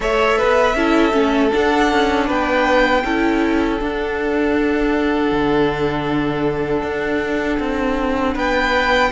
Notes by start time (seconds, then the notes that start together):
0.00 A3 A4 C#5 E5
0.37 B3 B4
0.75 C#4 E4 A4
1.12 A3 C#4
1.51 D4 F#5
1.91 C#4
2.27 B3 B4 G5
3.04 C#4 E4 A4
3.79 D4 F#5
5.31 D3
6.82 D4
7.59 C4
8.34 B3 B4 G5